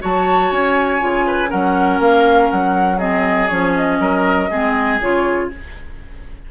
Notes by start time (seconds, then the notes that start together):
0.00 F#3 F#4 C#5 A5
0.51 C#4 G#5
0.99 C#3 F4
1.26 B4
1.48 F#3 C#4 A#4 F#5
1.99 A#3 F5
2.50 F#3 F#5
2.98 C4 G#4 D#5
3.48 F3 C#4 C#5
3.75 D#5
3.99 F#3 A#4
4.50 G#3 C4 G#4
5.00 C#3 F4 C#5